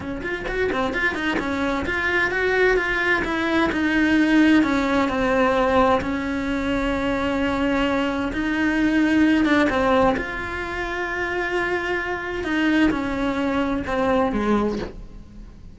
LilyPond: \new Staff \with { instrumentName = "cello" } { \time 4/4 \tempo 4 = 130 cis'8 f'8 fis'8 c'8 f'8 dis'8 cis'4 | f'4 fis'4 f'4 e'4 | dis'2 cis'4 c'4~ | c'4 cis'2.~ |
cis'2 dis'2~ | dis'8 d'8 c'4 f'2~ | f'2. dis'4 | cis'2 c'4 gis4 | }